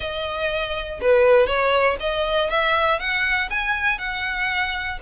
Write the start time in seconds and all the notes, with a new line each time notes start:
0.00 D#5
1.01 B4
1.47 C#5
2.00 D#5
2.50 E5
2.99 F#5
3.50 G#5
3.98 F#5